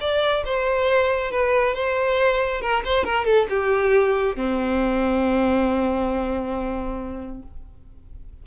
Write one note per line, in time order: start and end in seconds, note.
0.00 0.44 D5
0.45 1.31 C5
1.31 1.74 B4
1.74 2.61 C5
2.61 2.83 A#4
2.84 3.04 C5
3.04 3.25 A#4
3.25 3.47 A4
3.49 4.36 G4
4.36 7.42 C4